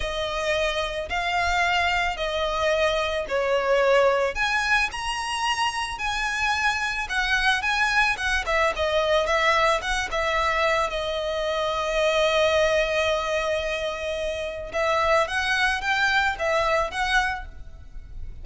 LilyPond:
\new Staff \with { instrumentName = "violin" } { \time 4/4 \tempo 4 = 110 dis''2 f''2 | dis''2 cis''2 | gis''4 ais''2 gis''4~ | gis''4 fis''4 gis''4 fis''8 e''8 |
dis''4 e''4 fis''8 e''4. | dis''1~ | dis''2. e''4 | fis''4 g''4 e''4 fis''4 | }